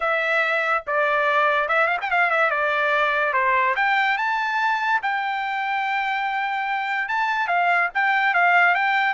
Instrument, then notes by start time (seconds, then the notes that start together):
trumpet
0.00 E5
0.86 D5
1.68 E5
1.87 F5
2.01 G5
2.10 F5
2.30 E5
2.50 D5
3.33 C5
3.76 G5
4.17 A5
5.02 G5
7.08 A5
7.47 F5
7.94 G5
8.33 F5
8.74 G5